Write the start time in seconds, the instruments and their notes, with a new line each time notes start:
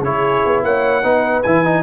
0.00 tuba C#3, trombone E4, horn G#4, trumpet C#5
0.45 tuba B3
0.64 tuba A#3, horn C#5, trumpet F#5
1.03 tuba B3, trombone D#4, horn B4
1.43 tuba E3, trombone E4, trumpet G#5
1.65 trombone D#4